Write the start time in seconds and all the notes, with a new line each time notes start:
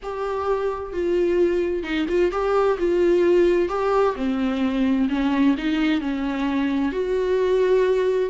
0.02 G4
0.92 F4
1.83 D#4
2.09 F4
2.31 G4
2.78 F4
3.69 G4
4.15 C4
5.09 C#4
5.57 D#4
6.00 C#4
6.92 F#4